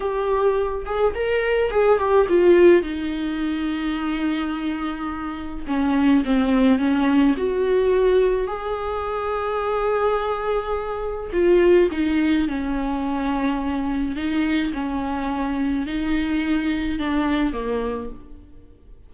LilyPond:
\new Staff \with { instrumentName = "viola" } { \time 4/4 \tempo 4 = 106 g'4. gis'8 ais'4 gis'8 g'8 | f'4 dis'2.~ | dis'2 cis'4 c'4 | cis'4 fis'2 gis'4~ |
gis'1 | f'4 dis'4 cis'2~ | cis'4 dis'4 cis'2 | dis'2 d'4 ais4 | }